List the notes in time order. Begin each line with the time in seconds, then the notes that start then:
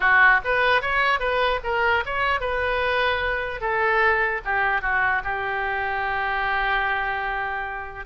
0.00 F#4
0.44 B4
0.81 C#5
1.19 B4
1.63 A#4
2.05 C#5
2.40 B4
3.60 A4
4.45 G4
4.81 F#4
5.24 G4